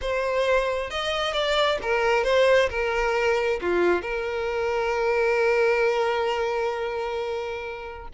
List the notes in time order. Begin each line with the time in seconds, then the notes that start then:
0.01 C5
0.90 D#5
1.33 D5
1.82 A#4
2.24 C5
2.69 A#4
3.61 F4
4.02 A#4